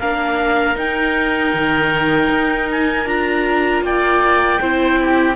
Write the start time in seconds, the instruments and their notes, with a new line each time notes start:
0.00 cello A#3, viola D4, oboe A#4, clarinet F5
0.75 cello D#4, viola D#4, clarinet G5
1.54 cello D#3
2.29 cello D#4
2.71 clarinet G#5
3.06 cello D4, viola F4, clarinet A#5
3.83 cello A#3, oboe D5, clarinet G5
4.61 cello C4, viola E4, oboe C5
5.02 oboe G4